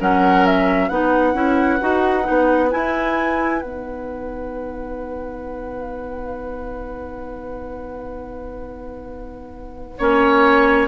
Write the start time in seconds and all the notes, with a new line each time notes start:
0.00 F#3 C#4 A#4 F#5
0.46 E5
0.88 B3 D#4 B4 F#5
1.34 C#4 E4
1.80 D#4 F#4
2.23 B3 D#4
2.70 E4 G#5
3.61 B3 D#4 F#5
9.98 A#3 C#4 C#5